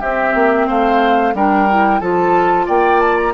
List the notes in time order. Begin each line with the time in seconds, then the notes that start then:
0.00 C4 G4 E5
0.34 A#3
0.67 A3 C5 F5
1.34 G3 D4 A#4 G5
1.69 E4
2.00 F3 F4 A4 A5
2.66 A#3 D5 G5
3.00 A5
3.17 A#5